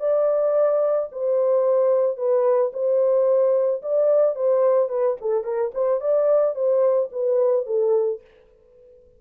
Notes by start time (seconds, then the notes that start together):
0.00 D5
1.12 C5
2.17 B4
2.73 C5
3.82 D5
4.36 C5
4.89 B4
5.21 A4
5.44 A#4
5.74 C5
6.00 D5
6.55 C5
7.12 B4
7.66 A4